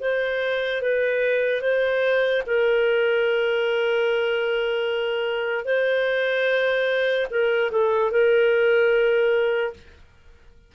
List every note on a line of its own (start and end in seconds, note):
0.00 0.81 C5
0.81 1.61 B4
1.61 2.42 C5
2.46 5.64 A#4
5.64 7.26 C5
7.30 7.71 A#4
7.71 8.11 A4
8.11 9.73 A#4